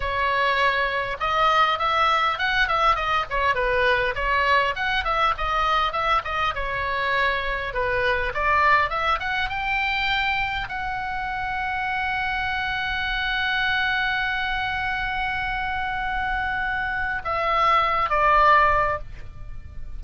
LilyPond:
\new Staff \with { instrumentName = "oboe" } { \time 4/4 \tempo 4 = 101 cis''2 dis''4 e''4 | fis''8 e''8 dis''8 cis''8 b'4 cis''4 | fis''8 e''8 dis''4 e''8 dis''8 cis''4~ | cis''4 b'4 d''4 e''8 fis''8 |
g''2 fis''2~ | fis''1~ | fis''1~ | fis''4 e''4. d''4. | }